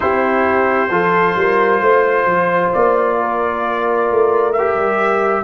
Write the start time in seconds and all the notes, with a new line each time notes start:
0.00 C4 E4 G4 C5
0.90 F3 F4 A4
1.35 G3 A#4
1.80 A3 C5
2.25 F3
2.73 A#3 D5
3.20 A#4
4.10 A3
4.52 G4 E5
4.75 G3